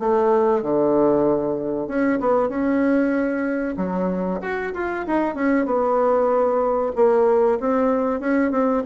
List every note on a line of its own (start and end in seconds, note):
0.00 0.63 A3
0.63 1.88 D3
1.88 2.19 C#4
2.20 2.49 B3
2.49 3.76 C#4
3.77 4.40 F#3
4.42 4.73 F#4
4.74 5.06 F4
5.07 5.35 D#4
5.35 5.66 C#4
5.66 6.92 B3
6.96 7.59 A#3
7.60 8.20 C4
8.20 8.51 C#4
8.51 8.83 C4